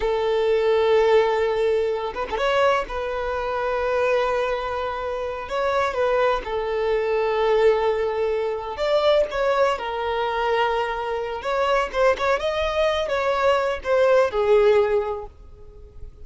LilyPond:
\new Staff \with { instrumentName = "violin" } { \time 4/4 \tempo 4 = 126 a'1~ | a'8 b'16 a'16 cis''4 b'2~ | b'2.~ b'8 cis''8~ | cis''8 b'4 a'2~ a'8~ |
a'2~ a'8 d''4 cis''8~ | cis''8 ais'2.~ ais'8 | cis''4 c''8 cis''8 dis''4. cis''8~ | cis''4 c''4 gis'2 | }